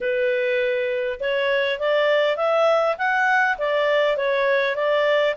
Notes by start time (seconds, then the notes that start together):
0.00 B4
1.20 C#5
1.79 D5
2.36 E5
2.98 F#5
3.58 D5
4.16 C#5
4.75 D5